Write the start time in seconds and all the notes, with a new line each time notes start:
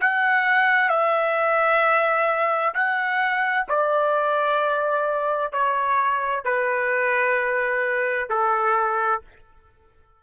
0.00 F#5
0.89 E5
2.74 F#5
3.68 D5
5.52 C#5
6.44 B4
8.29 A4